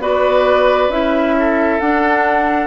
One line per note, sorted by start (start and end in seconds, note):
0.00 0.89 B3
0.00 0.91 F#4
0.00 1.36 B4
0.00 0.91 D5
0.89 1.79 C#4
0.89 1.81 E4
0.89 1.80 E5
1.40 2.67 A4
1.80 2.67 D4
1.80 2.67 F#5